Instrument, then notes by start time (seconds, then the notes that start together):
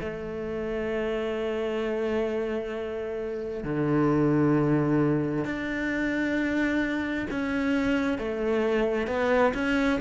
cello
0.00 A3
3.63 D3
5.44 D4
7.30 C#4
8.18 A3
9.07 B3
9.54 C#4